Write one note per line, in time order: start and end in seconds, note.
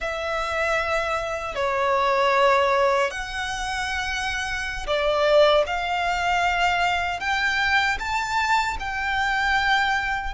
0.00 1.55 E5
1.55 3.11 C#5
3.11 4.86 F#5
4.86 5.64 D5
5.66 7.20 F5
7.20 7.98 G5
7.99 8.77 A5
8.79 10.34 G5